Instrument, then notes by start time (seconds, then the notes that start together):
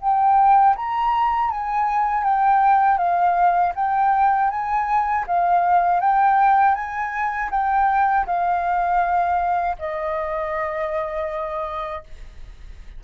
flute
0.00 G5
0.75 A#5
1.50 G#5
2.23 G5
2.97 F5
3.75 G5
4.50 G#5
5.27 F5
6.00 G5
6.74 G#5
7.50 G5
8.26 F5
9.78 D#5